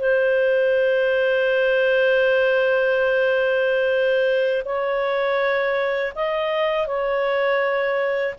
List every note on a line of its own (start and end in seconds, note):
0.00 4.63 C5
4.65 6.13 C#5
6.15 6.87 D#5
6.87 8.35 C#5